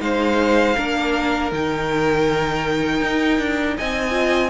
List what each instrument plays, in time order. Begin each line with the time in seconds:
0.00 cello G#3, viola D#4, violin C5 F5
0.77 cello A#3, viola D4, violin A#4
1.52 cello D#3, viola D#4, violin G5
3.02 cello D#4
3.39 cello D4
3.77 cello C4, violin D#5 G#5
4.11 viola F4